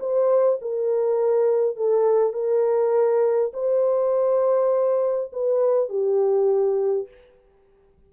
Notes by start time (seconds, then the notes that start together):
0.00 C5
0.62 A#4
1.77 A4
2.33 A#4
3.53 C5
5.33 B4
5.89 G4